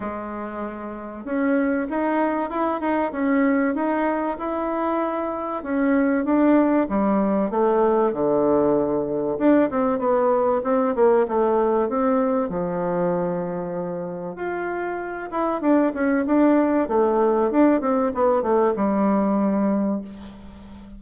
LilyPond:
\new Staff \with { instrumentName = "bassoon" } { \time 4/4 \tempo 4 = 96 gis2 cis'4 dis'4 | e'8 dis'8 cis'4 dis'4 e'4~ | e'4 cis'4 d'4 g4 | a4 d2 d'8 c'8 |
b4 c'8 ais8 a4 c'4 | f2. f'4~ | f'8 e'8 d'8 cis'8 d'4 a4 | d'8 c'8 b8 a8 g2 | }